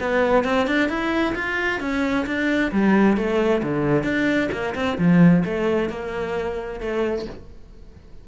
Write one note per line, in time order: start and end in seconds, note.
0.00 0.44 B3
0.44 0.67 C4
0.67 0.89 D4
0.89 1.34 E4
1.35 1.80 F4
1.80 2.26 C#4
2.26 2.71 D4
2.72 3.17 G3
3.17 3.62 A3
3.63 4.03 D3
4.03 4.49 D4
4.52 4.74 A#3
4.75 4.98 C4
4.98 5.43 F3
5.45 5.89 A3
5.89 6.80 A#3
6.80 7.25 A3